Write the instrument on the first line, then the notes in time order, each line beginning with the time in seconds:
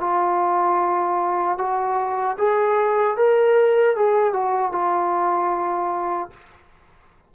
trombone
0.00 F4
1.58 F#4
2.38 G#4
3.17 A#4
3.96 G#4
4.33 F#4
4.72 F4